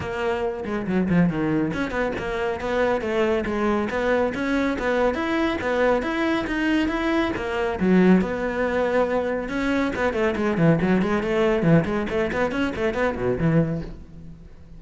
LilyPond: \new Staff \with { instrumentName = "cello" } { \time 4/4 \tempo 4 = 139 ais4. gis8 fis8 f8 dis4 | cis'8 b8 ais4 b4 a4 | gis4 b4 cis'4 b4 | e'4 b4 e'4 dis'4 |
e'4 ais4 fis4 b4~ | b2 cis'4 b8 a8 | gis8 e8 fis8 gis8 a4 e8 gis8 | a8 b8 cis'8 a8 b8 b,8 e4 | }